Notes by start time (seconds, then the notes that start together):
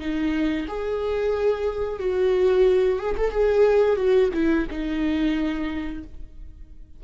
0.00 D#4
0.68 G#4
2.00 F#4
2.99 G#4
3.18 A4
3.31 G#4
3.97 F#4
4.34 E4
4.71 D#4